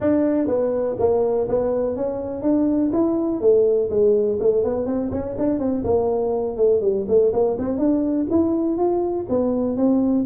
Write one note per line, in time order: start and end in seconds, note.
0.00 0.47 D4
0.47 0.96 B3
0.99 1.47 A#3
1.48 1.96 B3
1.96 2.41 C#4
2.41 2.90 D4
2.92 3.40 E4
3.40 3.89 A3
3.90 4.38 G#3
4.39 4.63 A3
4.63 4.86 B3
4.86 5.10 C4
5.11 5.36 C#4
5.37 5.59 D4
5.59 5.83 C4
5.84 6.57 A#3
6.57 6.81 A3
6.81 7.05 G3
7.08 7.32 A3
7.33 7.57 A#3
7.58 7.78 C4
7.78 8.26 D4
8.30 8.77 E4
8.77 9.26 F4
9.29 9.76 B3
9.76 10.25 C4